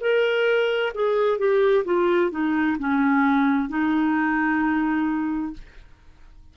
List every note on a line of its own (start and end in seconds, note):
0.00 0.92 A#4
0.94 1.38 G#4
1.38 1.84 G4
1.84 2.30 F4
2.30 2.77 D#4
2.78 3.68 C#4
3.68 5.53 D#4